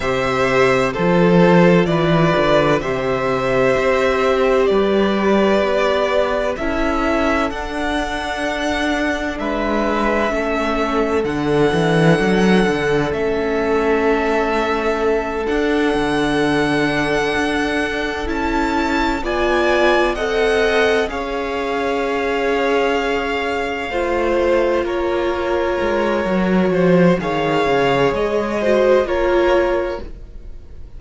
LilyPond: <<
  \new Staff \with { instrumentName = "violin" } { \time 4/4 \tempo 4 = 64 e''4 c''4 d''4 e''4~ | e''4 d''2 e''4 | fis''2 e''2 | fis''2 e''2~ |
e''8 fis''2. a''8~ | a''8 gis''4 fis''4 f''4.~ | f''2~ f''8 cis''4.~ | cis''4 f''4 dis''4 cis''4 | }
  \new Staff \with { instrumentName = "violin" } { \time 4/4 c''4 a'4 b'4 c''4~ | c''4 b'2 a'4~ | a'2 b'4 a'4~ | a'1~ |
a'1~ | a'8 d''4 dis''4 cis''4.~ | cis''4. c''4 ais'4.~ | ais'8 c''8 cis''4. c''8 ais'4 | }
  \new Staff \with { instrumentName = "viola" } { \time 4/4 g'4 f'2 g'4~ | g'2. e'4 | d'2. cis'4 | d'2 cis'2~ |
cis'8 d'2. e'8~ | e'8 f'4 a'4 gis'4.~ | gis'4. f'2~ f'8 | fis'4 gis'4. fis'8 f'4 | }
  \new Staff \with { instrumentName = "cello" } { \time 4/4 c4 f4 e8 d8 c4 | c'4 g4 b4 cis'4 | d'2 gis4 a4 | d8 e8 fis8 d8 a2~ |
a8 d'8 d4. d'4 cis'8~ | cis'8 b4 c'4 cis'4.~ | cis'4. a4 ais4 gis8 | fis8 f8 dis8 cis8 gis4 ais4 | }
>>